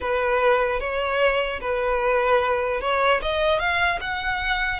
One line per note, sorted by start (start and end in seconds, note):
0.00 0.80 B4
0.80 1.60 C#5
1.60 2.80 B4
2.81 3.21 C#5
3.21 3.59 D#5
3.59 3.99 F5
4.00 4.79 F#5